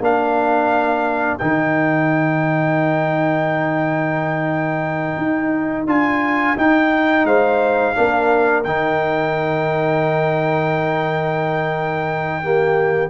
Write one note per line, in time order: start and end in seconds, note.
0.00 1.38 A#3
0.00 1.39 D4
0.00 7.26 A#4
0.00 1.38 F5
1.38 5.17 D#3
1.38 5.87 D#4
1.38 5.86 G5
5.17 5.86 D#4
5.86 6.55 D4
5.86 6.56 F4
5.86 6.57 G#5
6.57 7.95 D#4
6.57 7.24 D#4
6.57 7.26 G5
7.24 7.93 G#3
7.24 7.95 C5
7.24 8.64 F5
7.95 8.65 A#3
7.95 8.64 D4
7.95 12.43 A#4
8.64 13.09 D#3
8.64 12.43 D#4
8.64 13.09 G5
12.43 13.09 A#3
12.43 13.09 G4